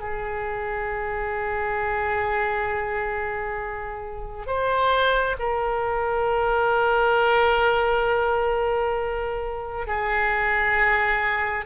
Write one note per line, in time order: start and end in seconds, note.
0.00 4.47 G#4
4.47 5.36 C5
5.39 9.87 A#4
9.87 11.65 G#4